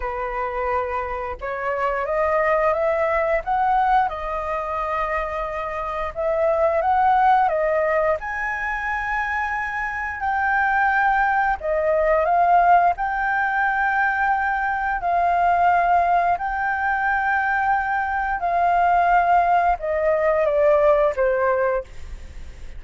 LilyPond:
\new Staff \with { instrumentName = "flute" } { \time 4/4 \tempo 4 = 88 b'2 cis''4 dis''4 | e''4 fis''4 dis''2~ | dis''4 e''4 fis''4 dis''4 | gis''2. g''4~ |
g''4 dis''4 f''4 g''4~ | g''2 f''2 | g''2. f''4~ | f''4 dis''4 d''4 c''4 | }